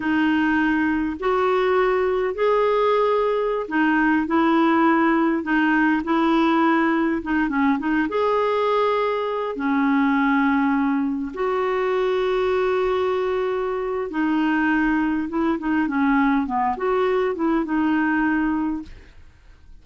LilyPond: \new Staff \with { instrumentName = "clarinet" } { \time 4/4 \tempo 4 = 102 dis'2 fis'2 | gis'2~ gis'16 dis'4 e'8.~ | e'4~ e'16 dis'4 e'4.~ e'16~ | e'16 dis'8 cis'8 dis'8 gis'2~ gis'16~ |
gis'16 cis'2. fis'8.~ | fis'1 | dis'2 e'8 dis'8 cis'4 | b8 fis'4 e'8 dis'2 | }